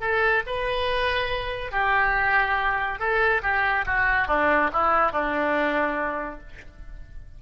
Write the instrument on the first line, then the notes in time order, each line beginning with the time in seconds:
oboe
0.00 A4
0.46 B4
1.71 G4
2.99 A4
3.42 G4
3.86 F#4
4.27 D4
4.72 E4
5.12 D4